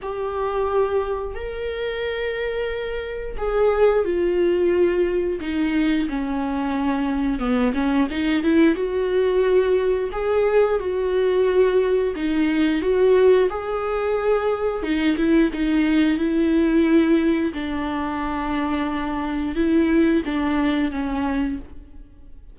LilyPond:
\new Staff \with { instrumentName = "viola" } { \time 4/4 \tempo 4 = 89 g'2 ais'2~ | ais'4 gis'4 f'2 | dis'4 cis'2 b8 cis'8 | dis'8 e'8 fis'2 gis'4 |
fis'2 dis'4 fis'4 | gis'2 dis'8 e'8 dis'4 | e'2 d'2~ | d'4 e'4 d'4 cis'4 | }